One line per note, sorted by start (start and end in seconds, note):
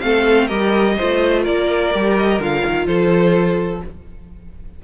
0.00 0.50 A3
0.00 0.49 C4
0.00 0.47 A4
0.00 0.47 F5
0.47 0.98 G3
0.47 0.97 G4
0.47 0.94 A#4
0.47 1.42 D#5
0.96 1.47 A3
0.96 1.93 F4
0.96 1.42 C5
1.42 1.94 A#3
1.42 2.85 A#4
1.42 2.16 D5
1.93 2.39 G3
1.93 2.41 G4
2.17 2.41 D#5
2.39 2.63 D3
2.39 3.84 F4
2.39 2.86 F5
2.66 2.86 D#3
2.86 3.82 F3
2.86 3.83 A4
2.86 3.82 C5